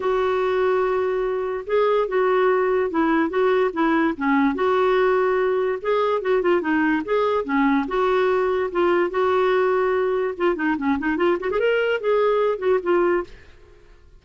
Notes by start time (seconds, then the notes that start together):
0.00 F#4
1.66 G#4
2.08 F#4
2.90 E4
3.29 F#4
3.73 E4
4.17 C#4
4.54 F#4
5.81 G#4
6.21 F#4
6.42 F4
6.61 D#4
7.05 G#4
7.44 C#4
7.87 F#4
8.71 F4
9.10 F#4
10.37 F4
10.55 D#4
10.77 C#4
10.99 D#4
11.16 F4
11.40 F#4
11.50 G#4
11.59 A#4
12.00 G#4
12.58 F#4
12.82 F4